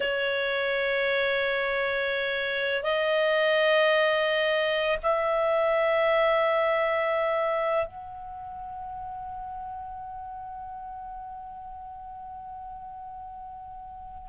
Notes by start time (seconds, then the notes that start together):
0.00 C#5
2.83 D#5
5.02 E5
7.86 F#5